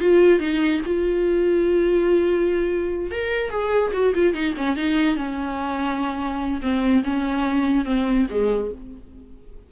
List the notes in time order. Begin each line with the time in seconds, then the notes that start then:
0.00 F4
0.39 D#4
0.86 F4
3.11 A#4
3.50 G#4
3.93 F#4
4.14 F4
4.34 D#4
4.57 C#4
4.77 D#4
5.16 C#4
6.62 C4
7.04 C#4
7.85 C4
8.30 G#3